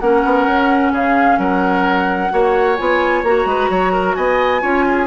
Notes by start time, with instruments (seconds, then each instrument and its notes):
0.00 bassoon A#3, clarinet C#4, oboe A#4, flute F#5
0.25 bassoon B3
0.46 bassoon C#4
0.92 bassoon C#3, oboe G#4, flute F5
1.38 bassoon F#3, oboe A#4, flute F#5
2.30 bassoon A#3, clarinet F#4, oboe C#5
2.76 bassoon B3, clarinet F4, flute G#5
3.23 bassoon A#3, clarinet F#4, flute A#5
3.45 bassoon G#3, oboe B4
3.70 bassoon F#3, oboe C#5
3.92 oboe A#4
4.15 bassoon B3, oboe D#5, flute G#5
4.61 bassoon C#4, clarinet F4, oboe C#5
4.88 oboe G#4